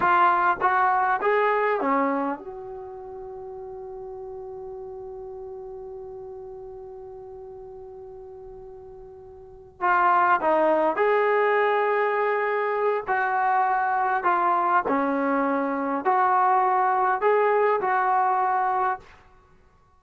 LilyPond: \new Staff \with { instrumentName = "trombone" } { \time 4/4 \tempo 4 = 101 f'4 fis'4 gis'4 cis'4 | fis'1~ | fis'1~ | fis'1~ |
fis'8 f'4 dis'4 gis'4.~ | gis'2 fis'2 | f'4 cis'2 fis'4~ | fis'4 gis'4 fis'2 | }